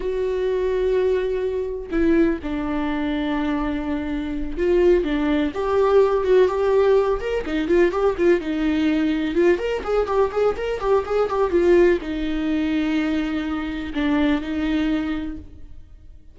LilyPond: \new Staff \with { instrumentName = "viola" } { \time 4/4 \tempo 4 = 125 fis'1 | e'4 d'2.~ | d'4. f'4 d'4 g'8~ | g'4 fis'8 g'4. ais'8 dis'8 |
f'8 g'8 f'8 dis'2 f'8 | ais'8 gis'8 g'8 gis'8 ais'8 g'8 gis'8 g'8 | f'4 dis'2.~ | dis'4 d'4 dis'2 | }